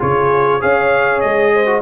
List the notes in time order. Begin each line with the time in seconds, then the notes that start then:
0.00 C#3 F4 G#4 C#5
0.60 C#4 G#4 C#5 F5
1.21 G#3 D#5
1.54 C5
1.67 F#4